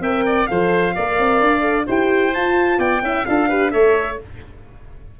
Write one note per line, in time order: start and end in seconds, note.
0.00 0.46 C4
0.00 0.48 A#4
0.00 0.24 E5
0.00 0.46 G5
0.26 0.49 D5
0.46 0.96 F3
0.46 0.94 A4
0.46 0.95 C5
0.46 1.85 F5
0.95 1.18 A#3
0.95 1.61 A#4
0.95 1.87 D5
1.18 1.40 C4
1.40 1.87 D4
1.61 1.84 A4
1.87 2.35 E4
1.87 2.33 G4
1.87 2.78 C5
1.87 2.34 G5
2.34 3.02 F4
2.34 2.78 F4
2.34 2.80 A5
2.78 3.01 B3
2.78 3.01 D5
2.78 3.25 G5
3.02 3.25 C#4
3.02 3.25 E4
3.02 3.27 E5
3.25 3.74 D4
3.25 3.49 F4
3.25 3.48 A4
3.25 3.70 F5
3.48 3.72 G4
3.48 3.72 B4
3.70 4.20 A3
3.70 4.18 A4
3.70 4.19 C#5
3.70 4.17 E5